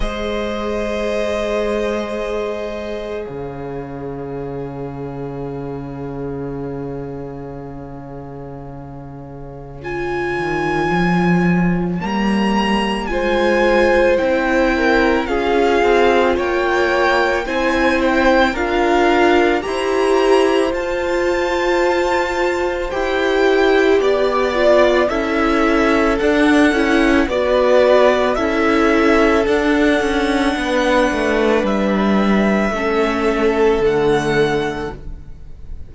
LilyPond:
<<
  \new Staff \with { instrumentName = "violin" } { \time 4/4 \tempo 4 = 55 dis''2. f''4~ | f''1~ | f''4 gis''2 ais''4 | gis''4 g''4 f''4 g''4 |
gis''8 g''8 f''4 ais''4 a''4~ | a''4 g''4 d''4 e''4 | fis''4 d''4 e''4 fis''4~ | fis''4 e''2 fis''4 | }
  \new Staff \with { instrumentName = "violin" } { \time 4/4 c''2. cis''4~ | cis''1~ | cis''1 | c''4. ais'8 gis'4 cis''4 |
c''4 ais'4 c''2~ | c''2 d''4 a'4~ | a'4 b'4 a'2 | b'2 a'2 | }
  \new Staff \with { instrumentName = "viola" } { \time 4/4 gis'1~ | gis'1~ | gis'4 f'2 ais4 | f'4 e'4 f'2 |
e'4 f'4 g'4 f'4~ | f'4 g'4. f'8 e'4 | d'8 e'8 fis'4 e'4 d'4~ | d'2 cis'4 a4 | }
  \new Staff \with { instrumentName = "cello" } { \time 4/4 gis2. cis4~ | cis1~ | cis4. dis8 f4 g4 | gis4 c'4 cis'8 c'8 ais4 |
c'4 d'4 e'4 f'4~ | f'4 e'4 b4 cis'4 | d'8 cis'8 b4 cis'4 d'8 cis'8 | b8 a8 g4 a4 d4 | }
>>